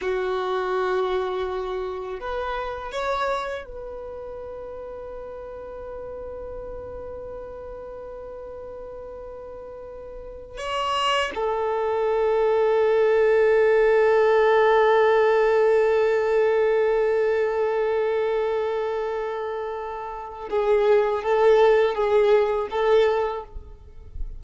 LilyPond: \new Staff \with { instrumentName = "violin" } { \time 4/4 \tempo 4 = 82 fis'2. b'4 | cis''4 b'2.~ | b'1~ | b'2~ b'8 cis''4 a'8~ |
a'1~ | a'1~ | a'1 | gis'4 a'4 gis'4 a'4 | }